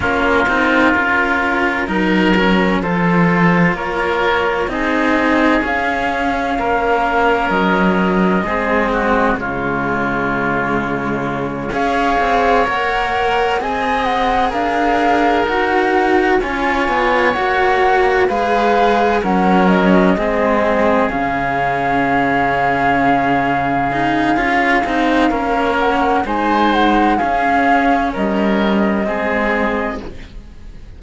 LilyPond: <<
  \new Staff \with { instrumentName = "flute" } { \time 4/4 \tempo 4 = 64 ais'2. c''4 | cis''4 dis''4 f''2 | dis''2 cis''2~ | cis''8 f''4 fis''4 gis''8 fis''8 f''8~ |
f''8 fis''4 gis''4 fis''4 f''8~ | f''8 fis''8 dis''4. f''4.~ | f''2.~ f''8 fis''8 | gis''8 fis''8 f''4 dis''2 | }
  \new Staff \with { instrumentName = "oboe" } { \time 4/4 f'2 ais'4 a'4 | ais'4 gis'2 ais'4~ | ais'4 gis'8 fis'8 f'2~ | f'8 cis''2 dis''4 ais'8~ |
ais'4. cis''2 b'8~ | b'8 ais'4 gis'2~ gis'8~ | gis'2. ais'4 | c''4 gis'4 ais'4 gis'4 | }
  \new Staff \with { instrumentName = "cello" } { \time 4/4 cis'8 dis'8 f'4 dis'8 cis'8 f'4~ | f'4 dis'4 cis'2~ | cis'4 c'4 gis2~ | gis8 gis'4 ais'4 gis'4.~ |
gis'8 fis'4 f'4 fis'4 gis'8~ | gis'8 cis'4 c'4 cis'4.~ | cis'4. dis'8 f'8 dis'8 cis'4 | dis'4 cis'2 c'4 | }
  \new Staff \with { instrumentName = "cello" } { \time 4/4 ais8 c'8 cis'4 fis4 f4 | ais4 c'4 cis'4 ais4 | fis4 gis4 cis2~ | cis8 cis'8 c'8 ais4 c'4 d'8~ |
d'8 dis'4 cis'8 b8 ais4 gis8~ | gis8 fis4 gis4 cis4.~ | cis2 cis'8 c'8 ais4 | gis4 cis'4 g4 gis4 | }
>>